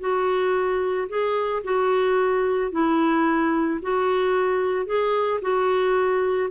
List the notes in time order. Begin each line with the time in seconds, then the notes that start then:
0.00 F#4
1.09 G#4
1.64 F#4
2.72 E4
3.82 F#4
4.86 G#4
5.42 F#4